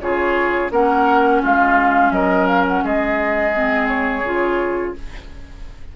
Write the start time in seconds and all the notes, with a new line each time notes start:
0.00 C#3 F4 G#4 C#5
0.70 A#3 C#4 A#4 F#5
1.41 G#3 F4 F5
2.11 F#3 A#4 D#5
2.47 F5
2.67 F#5
2.84 G#3 G#4 D#5
3.53 C4
3.87 C#5
4.22 C#3 F4